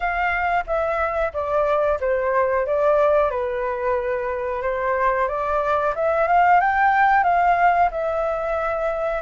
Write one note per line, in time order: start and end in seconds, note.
0.00 0.64 F5
0.66 1.32 E5
1.33 1.99 D5
2.00 2.66 C5
2.66 3.30 D5
3.30 4.62 B4
4.62 5.27 C5
5.28 5.94 D5
5.95 6.27 E5
6.27 6.60 F5
6.60 7.23 G5
7.23 7.89 F5
7.91 9.22 E5